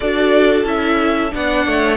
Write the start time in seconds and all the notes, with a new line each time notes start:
0.00 D4 F#4 A4 D5
0.64 C#4 E4 E5
1.31 B3 D4 D5 F#5
1.66 A3 C#5